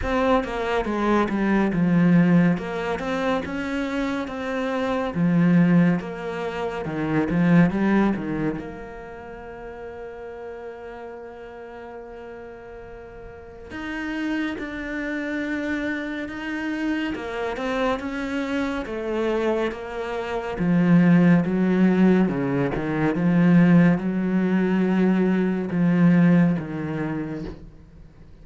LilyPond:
\new Staff \with { instrumentName = "cello" } { \time 4/4 \tempo 4 = 70 c'8 ais8 gis8 g8 f4 ais8 c'8 | cis'4 c'4 f4 ais4 | dis8 f8 g8 dis8 ais2~ | ais1 |
dis'4 d'2 dis'4 | ais8 c'8 cis'4 a4 ais4 | f4 fis4 cis8 dis8 f4 | fis2 f4 dis4 | }